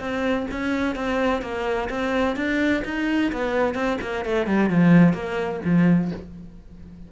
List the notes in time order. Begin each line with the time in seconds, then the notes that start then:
0.00 C4
0.51 C#4
0.96 C4
1.42 A#3
1.90 C4
2.37 D4
2.85 D#4
3.32 B3
3.75 C4
4.02 A#3
4.25 A3
4.47 G3
4.70 F3
5.14 A#3
5.65 F3